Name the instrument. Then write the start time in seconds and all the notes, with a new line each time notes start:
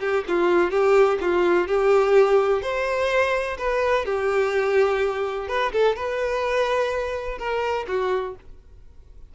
violin
0.00 G4
0.28 F4
0.71 G4
1.21 F4
1.67 G4
2.62 C5
3.58 B4
4.05 G4
5.48 B4
5.72 A4
5.96 B4
7.38 A#4
7.87 F#4